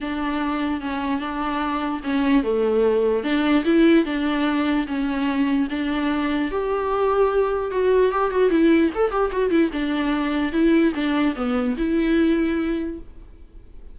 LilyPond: \new Staff \with { instrumentName = "viola" } { \time 4/4 \tempo 4 = 148 d'2 cis'4 d'4~ | d'4 cis'4 a2 | d'4 e'4 d'2 | cis'2 d'2 |
g'2. fis'4 | g'8 fis'8 e'4 a'8 g'8 fis'8 e'8 | d'2 e'4 d'4 | b4 e'2. | }